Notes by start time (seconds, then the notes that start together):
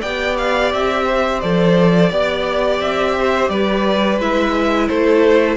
0.00 B3 G4 D5 G5
0.37 F5
0.73 C4 E5
1.05 C5
1.40 F3 A4 D5
2.09 B3 G4 D5
2.80 C4 E5
3.19 C5
3.49 G3 B4 D5
4.19 G#3 E4 E5
4.88 A3 A4 C5